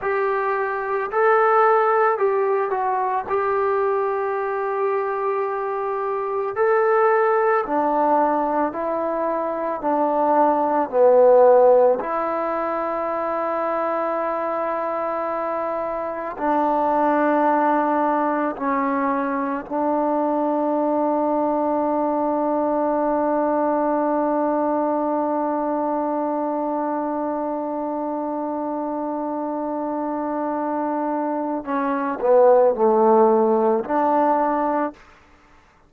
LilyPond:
\new Staff \with { instrumentName = "trombone" } { \time 4/4 \tempo 4 = 55 g'4 a'4 g'8 fis'8 g'4~ | g'2 a'4 d'4 | e'4 d'4 b4 e'4~ | e'2. d'4~ |
d'4 cis'4 d'2~ | d'1~ | d'1~ | d'4 cis'8 b8 a4 d'4 | }